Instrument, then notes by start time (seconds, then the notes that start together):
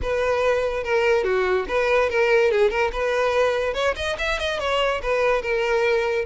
violin
0.02 B4
0.83 A#4
1.24 F#4
1.68 B4
2.09 A#4
2.51 G#4
2.70 A#4
2.92 B4
3.73 C#5
3.95 D#5
4.18 E5
4.39 D#5
4.59 C#5
5.02 B4
5.41 A#4